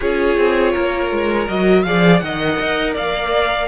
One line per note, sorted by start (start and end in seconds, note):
0.00 0.37 C#4
0.00 1.47 F4
0.00 0.72 G#4
0.00 1.48 C#5
0.37 0.74 C4
0.72 1.11 A#3
0.72 1.83 A#4
1.11 1.48 G#3
1.47 1.85 F#3
1.47 1.84 F#4
1.47 1.82 D#5
1.82 2.21 F3
1.82 2.22 G#4
1.82 2.23 D5
1.82 2.19 F5
2.19 2.58 D#3
2.19 3.68 A#4
2.19 2.93 D#5
2.19 2.93 F#5
2.60 2.96 D#4
2.93 3.68 A#3
2.93 3.67 D5
2.93 3.68 F5